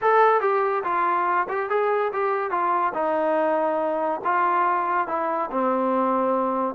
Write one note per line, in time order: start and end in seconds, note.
0.01 0.41 A4
0.41 0.83 G4
0.83 1.47 F4
1.49 1.69 G4
1.69 2.12 G#4
2.12 2.50 G4
2.50 2.93 F4
2.94 4.20 D#4
4.24 5.07 F4
5.07 5.49 E4
5.51 6.74 C4